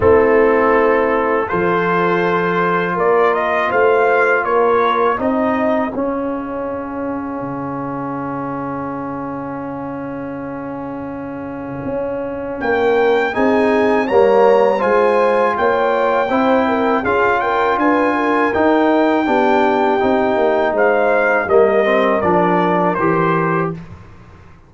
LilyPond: <<
  \new Staff \with { instrumentName = "trumpet" } { \time 4/4 \tempo 4 = 81 a'2 c''2 | d''8 dis''8 f''4 cis''4 dis''4 | f''1~ | f''1~ |
f''4 g''4 gis''4 ais''4 | gis''4 g''2 f''8 g''8 | gis''4 g''2. | f''4 dis''4 d''4 c''4 | }
  \new Staff \with { instrumentName = "horn" } { \time 4/4 e'2 a'2 | ais'4 c''4 ais'4 gis'4~ | gis'1~ | gis'1~ |
gis'4 ais'4 gis'4 cis''4 | c''4 cis''4 c''8 ais'8 gis'8 ais'8 | b'8 ais'4. g'2 | c''4 ais'2. | }
  \new Staff \with { instrumentName = "trombone" } { \time 4/4 c'2 f'2~ | f'2. dis'4 | cis'1~ | cis'1~ |
cis'2 dis'4 ais4 | f'2 e'4 f'4~ | f'4 dis'4 d'4 dis'4~ | dis'4 ais8 c'8 d'4 g'4 | }
  \new Staff \with { instrumentName = "tuba" } { \time 4/4 a2 f2 | ais4 a4 ais4 c'4 | cis'2 cis2~ | cis1 |
cis'4 ais4 c'4 g4 | gis4 ais4 c'4 cis'4 | d'4 dis'4 b4 c'8 ais8 | gis4 g4 f4 e4 | }
>>